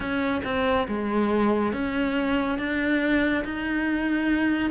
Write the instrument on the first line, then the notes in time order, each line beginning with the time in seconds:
cello
0.00 C#4
0.44 C4
0.87 G#3
1.72 C#4
2.58 D4
3.44 D#4